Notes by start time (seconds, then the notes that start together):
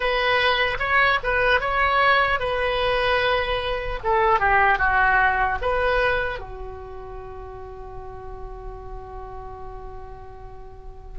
0.00 B4
0.79 C#5
1.23 B4
1.60 C#5
2.39 B4
4.03 A4
4.39 G4
4.78 F#4
5.61 B4
6.39 F#4